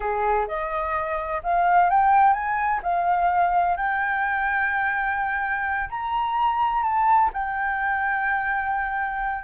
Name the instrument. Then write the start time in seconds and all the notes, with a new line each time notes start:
flute
0.00 G#4
0.47 D#5
1.43 F5
1.90 G5
2.33 G#5
2.83 F5
3.76 G5
5.89 A#5
6.83 A5
7.33 G5